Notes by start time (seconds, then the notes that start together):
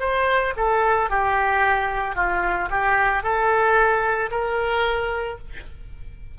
0.00 C5
0.56 A4
1.10 G4
2.16 F4
2.70 G4
3.23 A4
4.31 A#4